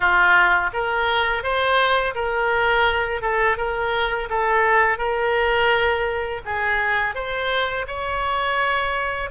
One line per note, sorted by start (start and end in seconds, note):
0.00 0.70 F4
0.73 1.43 A#4
1.43 2.14 C5
2.14 3.21 A#4
3.21 3.57 A4
3.57 4.29 A#4
4.29 4.98 A4
4.98 6.41 A#4
6.45 7.14 G#4
7.14 7.86 C5
7.87 9.30 C#5